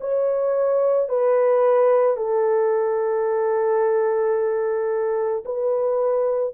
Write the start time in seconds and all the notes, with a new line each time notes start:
0.00 C#5
1.09 B4
2.16 A4
5.44 B4